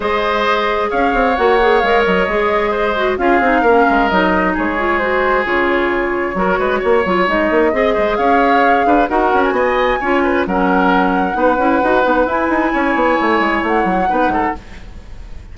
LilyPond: <<
  \new Staff \with { instrumentName = "flute" } { \time 4/4 \tempo 4 = 132 dis''2 f''4 fis''4 | f''8 dis''2~ dis''8 f''4~ | f''4 dis''4 cis''4 c''4 | cis''1 |
dis''2 f''2 | fis''8. gis''2~ gis''16 fis''4~ | fis''2. gis''4~ | gis''2 fis''2 | }
  \new Staff \with { instrumentName = "oboe" } { \time 4/4 c''2 cis''2~ | cis''2 c''4 gis'4 | ais'2 gis'2~ | gis'2 ais'8 b'8 cis''4~ |
cis''4 dis''8 c''8 cis''4. b'8 | ais'4 dis''4 cis''8 b'8 ais'4~ | ais'4 b'2. | cis''2. b'8 a'8 | }
  \new Staff \with { instrumentName = "clarinet" } { \time 4/4 gis'2. fis'8 gis'8 | ais'4 gis'4. fis'8 f'8 dis'8 | cis'4 dis'4. f'8 fis'4 | f'2 fis'4. f'8 |
dis'4 gis'2. | fis'2 f'4 cis'4~ | cis'4 dis'8 e'8 fis'8 dis'8 e'4~ | e'2. dis'4 | }
  \new Staff \with { instrumentName = "bassoon" } { \time 4/4 gis2 cis'8 c'8 ais4 | gis8 fis8 gis2 cis'8 c'8 | ais8 gis8 fis4 gis2 | cis2 fis8 gis8 ais8 fis8 |
gis8 ais8 c'8 gis8 cis'4. d'8 | dis'8 cis'8 b4 cis'4 fis4~ | fis4 b8 cis'8 dis'8 b8 e'8 dis'8 | cis'8 b8 a8 gis8 a8 fis8 b8 gis,8 | }
>>